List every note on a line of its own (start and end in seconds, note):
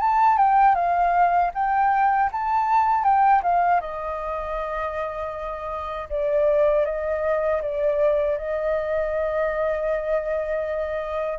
0.00 0.37 A5
0.37 0.75 G5
0.75 1.51 F5
1.54 2.30 G5
2.32 3.03 A5
3.03 3.41 G5
3.43 3.80 F5
3.80 6.08 D#5
6.09 6.85 D5
6.85 7.61 D#5
7.62 8.37 D5
8.37 11.39 D#5